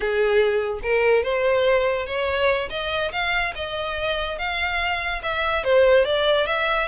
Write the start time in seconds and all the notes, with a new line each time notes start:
0.00 G#4
0.82 A#4
1.23 C5
2.06 C#5
2.69 D#5
3.12 F5
3.55 D#5
4.38 F5
5.22 E5
5.64 C5
6.04 D5
6.46 E5